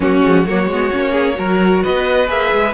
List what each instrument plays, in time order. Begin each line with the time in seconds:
0.00 cello F#3, viola A#3, violin C#4 F#4
0.23 cello F3, viola G#3
0.45 cello F#3, viola A#3, violin F#4 C#5
0.67 cello G#3, viola B3
0.91 cello A#3, viola C#4
1.11 violin G#4
1.34 cello F#3, viola F#4, violin A#4
1.83 cello B3, violin B4 D#5
2.27 cello A#3, viola G#4, violin E5
2.52 cello G#3